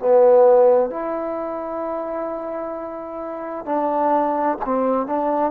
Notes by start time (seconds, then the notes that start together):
0.00 B3
0.91 E4
3.66 D4
4.66 C4
5.07 D4